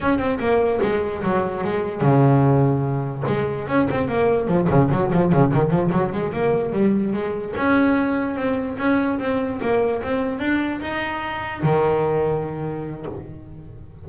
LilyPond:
\new Staff \with { instrumentName = "double bass" } { \time 4/4 \tempo 4 = 147 cis'8 c'8 ais4 gis4 fis4 | gis4 cis2. | gis4 cis'8 c'8 ais4 f8 cis8 | fis8 f8 cis8 dis8 f8 fis8 gis8 ais8~ |
ais8 g4 gis4 cis'4.~ | cis'8 c'4 cis'4 c'4 ais8~ | ais8 c'4 d'4 dis'4.~ | dis'8 dis2.~ dis8 | }